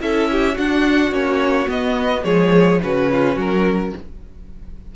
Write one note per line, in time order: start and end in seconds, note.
0.00 0.58 C#4
0.00 0.56 E4
0.00 0.31 A4
0.00 0.58 E5
0.32 0.55 G4
0.55 1.13 D4
0.55 1.12 D4
0.55 2.23 F#4
0.55 1.14 F#5
1.12 1.68 A#3
1.12 1.67 C#4
1.12 1.70 C#5
1.67 2.23 B3
1.67 2.24 B3
1.67 2.24 D#5
2.24 2.80 F3
2.24 2.80 G#3
2.24 2.81 G#4
2.24 2.80 C#5
2.83 3.37 C#3
2.83 3.96 C#4
2.83 3.12 F#4
2.83 3.39 B4
3.12 3.35 F4
3.35 3.93 F#3
3.35 3.91 F#4
3.35 3.96 A#4